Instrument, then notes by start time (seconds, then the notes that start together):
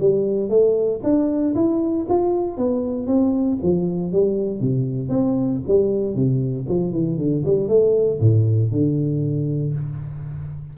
tuba
0.00 G3
0.50 A3
1.04 D4
1.55 E4
2.10 F4
2.58 B3
3.07 C4
3.63 F3
4.13 G3
4.61 C3
5.09 C4
5.68 G3
6.15 C3
6.69 F3
6.93 E3
7.18 D3
7.45 G3
7.69 A3
8.21 A2
8.72 D3